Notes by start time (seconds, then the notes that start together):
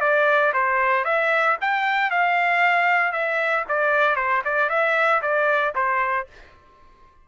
0.00 D5
0.53 C5
1.04 E5
1.61 G5
2.10 F5
3.12 E5
3.68 D5
4.15 C5
4.44 D5
4.69 E5
5.21 D5
5.74 C5